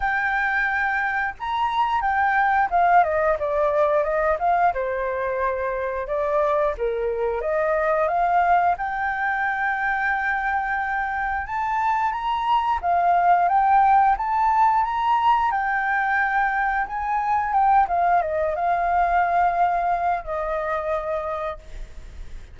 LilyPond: \new Staff \with { instrumentName = "flute" } { \time 4/4 \tempo 4 = 89 g''2 ais''4 g''4 | f''8 dis''8 d''4 dis''8 f''8 c''4~ | c''4 d''4 ais'4 dis''4 | f''4 g''2.~ |
g''4 a''4 ais''4 f''4 | g''4 a''4 ais''4 g''4~ | g''4 gis''4 g''8 f''8 dis''8 f''8~ | f''2 dis''2 | }